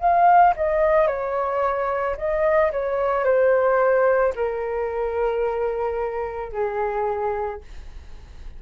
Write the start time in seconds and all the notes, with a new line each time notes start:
0.00 F5
0.57 D#5
1.08 C#5
2.17 D#5
2.72 C#5
3.25 C5
4.36 A#4
6.53 G#4